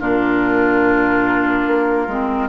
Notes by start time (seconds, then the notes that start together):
0.00 A#2 D4 F4 A#4
1.67 A#3
2.07 G#3 C4